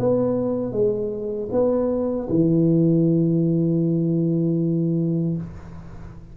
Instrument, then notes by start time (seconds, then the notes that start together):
tuba
0.00 B3
0.72 G#3
1.52 B3
2.29 E3